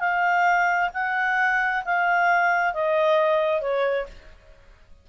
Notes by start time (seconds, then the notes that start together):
0.00 F5
0.94 F#5
1.85 F5
2.74 D#5
3.62 C#5